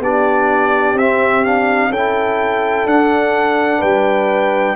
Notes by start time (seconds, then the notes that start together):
0.00 B3 D4 G4 D5
0.94 C4 E5
1.44 D4 F5
1.90 C#4 E4 A4 G5
2.86 D4 F#5
3.79 G3 B4 G5